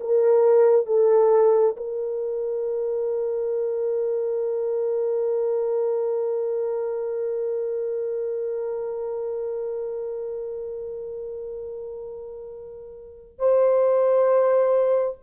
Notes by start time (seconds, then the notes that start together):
0.00 A#4
0.86 A4
1.76 A#4
13.39 C5